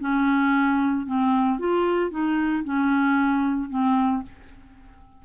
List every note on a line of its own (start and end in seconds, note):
0.00 1.06 C#4
1.06 1.59 C4
1.59 2.10 F4
2.10 2.64 D#4
2.64 3.69 C#4
3.69 4.22 C4